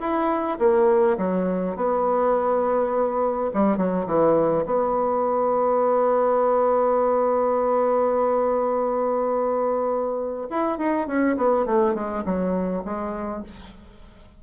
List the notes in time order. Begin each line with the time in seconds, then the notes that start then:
0.00 E4
0.59 A#3
1.18 F#3
1.76 B3
3.53 G3
3.77 F#3
4.06 E3
4.65 B3
10.50 E4
10.78 D#4
11.07 C#4
11.36 B3
11.66 A3
11.94 G#3
12.25 F#3
12.85 G#3